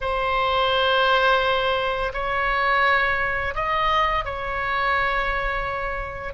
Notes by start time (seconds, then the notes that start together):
0.00 C5
2.13 C#5
3.55 D#5
4.24 C#5